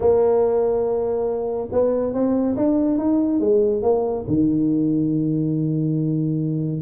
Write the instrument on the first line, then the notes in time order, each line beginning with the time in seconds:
tuba
0.00 A#3
1.72 B3
2.13 C4
2.56 D4
2.98 D#4
3.40 G#3
3.82 A#3
4.27 D#3